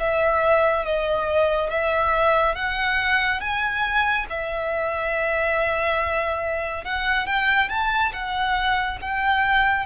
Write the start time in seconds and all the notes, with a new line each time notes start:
0.00 E5
0.85 D#5
1.70 E5
2.55 F#5
3.41 G#5
4.30 E5
6.85 F#5
7.27 G5
7.69 A5
8.13 F#5
9.02 G5